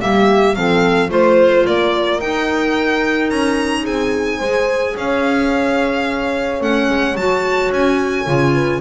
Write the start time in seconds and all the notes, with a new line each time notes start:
0.00 G3 A#3 G4 E5
0.55 F3 C4 A4 F5
1.10 A3 F4 C5
1.67 A#3 A#4 D5
2.21 D#4 G5
3.30 C#4 A#5
3.83 C4 G#4 G#5
4.38 G#3 G#4 C5
4.96 C#4 C#5 F5
6.61 A3 C#4 F#5
6.89 G#3
7.15 F#3 F#4 A5
7.72 C#4 G#5
8.26 C#3 F4
8.54 B4